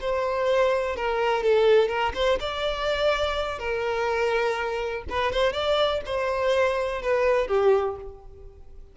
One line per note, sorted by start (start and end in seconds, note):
0.00 0.95 C5
0.95 1.43 A#4
1.43 1.88 A4
1.88 2.12 A#4
2.14 2.38 C5
2.40 3.59 D5
3.59 5.04 A#4
5.09 5.32 B4
5.32 5.52 C5
5.52 6.01 D5
6.05 7.02 C5
7.02 7.47 B4
7.47 7.96 G4